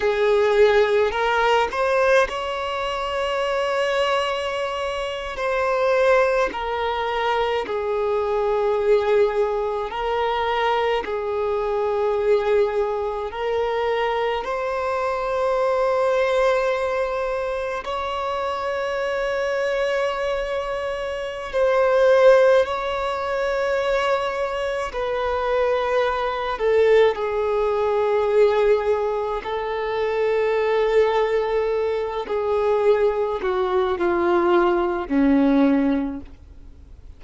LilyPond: \new Staff \with { instrumentName = "violin" } { \time 4/4 \tempo 4 = 53 gis'4 ais'8 c''8 cis''2~ | cis''8. c''4 ais'4 gis'4~ gis'16~ | gis'8. ais'4 gis'2 ais'16~ | ais'8. c''2. cis''16~ |
cis''2. c''4 | cis''2 b'4. a'8 | gis'2 a'2~ | a'8 gis'4 fis'8 f'4 cis'4 | }